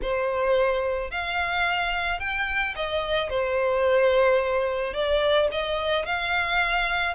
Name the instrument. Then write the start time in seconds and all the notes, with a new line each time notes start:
violin
0.02 C5
1.10 F5
2.19 G5
2.75 D#5
3.29 C5
4.93 D5
5.51 D#5
6.06 F5